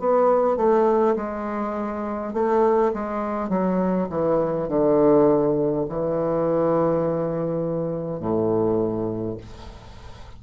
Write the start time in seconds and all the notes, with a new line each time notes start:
0.00 B3
0.57 A3
1.17 G#3
2.34 A3
2.94 G#3
3.50 F#3
4.10 E3
4.69 D3
5.89 E3
8.20 A2